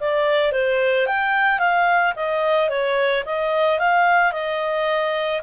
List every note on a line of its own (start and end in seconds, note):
0.00 0.52 D5
0.52 1.06 C5
1.06 1.59 G5
1.59 2.13 F5
2.15 2.69 D#5
2.69 3.24 C#5
3.25 3.79 D#5
3.79 4.32 F5
4.32 5.41 D#5